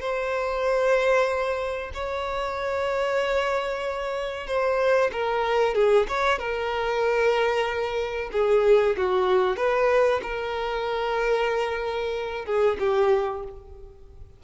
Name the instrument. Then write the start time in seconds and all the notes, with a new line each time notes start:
violin
0.00 C5
1.94 C#5
4.47 C5
5.12 A#4
5.74 G#4
6.08 C#5
6.39 A#4
8.32 G#4
8.97 F#4
9.57 B4
10.22 A#4
12.46 G#4
12.79 G4